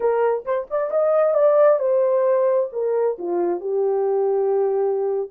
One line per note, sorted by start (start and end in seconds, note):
0.00 0.44 A#4
0.45 0.67 C5
0.70 0.90 D5
0.90 1.34 D#5
1.34 1.79 D5
1.79 2.69 C5
2.72 3.17 A#4
3.18 3.60 F4
3.60 5.29 G4